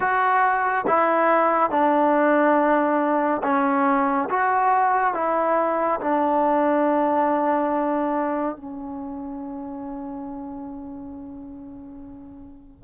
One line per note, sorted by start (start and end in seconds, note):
0.00 0.85 F#4
0.87 1.70 E4
1.70 3.41 D4
3.43 4.29 C#4
4.29 5.14 F#4
5.14 6.00 E4
6.00 8.56 D4
8.56 12.84 C#4